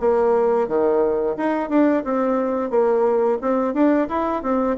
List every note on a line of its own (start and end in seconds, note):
0.00 0.68 A#3
0.68 1.36 D#3
1.37 1.70 D#4
1.70 2.04 D4
2.04 2.70 C4
2.70 3.38 A#3
3.41 3.74 C4
3.74 4.08 D4
4.09 4.43 E4
4.43 4.77 C4